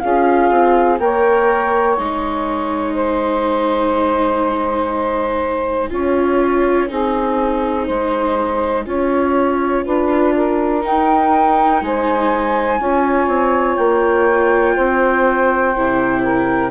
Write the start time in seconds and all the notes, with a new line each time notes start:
0.00 C#4 F4 G#4 F5
0.51 C4
0.99 A#3 A#4 C#5 G5
1.97 G#3 D#4 G#5
2.95 C5
5.91 C#4 F4 C#5
6.89 C4 D#4 G#4
7.86 G#3 C5
8.86 C#4 F4 C#5
9.85 D4 B4
10.36 A#4
10.81 D#4 G5
11.82 G#3 C5 G#5
12.80 C#4 F4 C#5
13.28 C4
13.76 A#3 G5
14.75 C4 C5
15.76 C3 E4
16.23 A#4